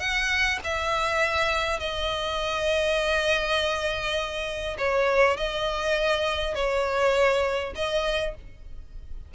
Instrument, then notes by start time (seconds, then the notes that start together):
violin
0.00 F#5
0.65 E5
1.80 D#5
4.78 C#5
5.37 D#5
6.55 C#5
7.76 D#5